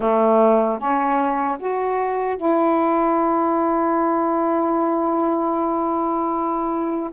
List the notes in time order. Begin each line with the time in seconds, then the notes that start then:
0.00 A3
0.78 C#4
1.59 F#4
2.36 E4